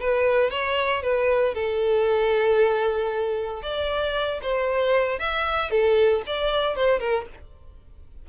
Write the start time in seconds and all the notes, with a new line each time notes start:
0.00 B4
0.50 C#5
1.02 B4
1.54 A4
3.62 D5
4.43 C5
5.19 E5
5.70 A4
6.26 D5
6.76 C5
7.00 A#4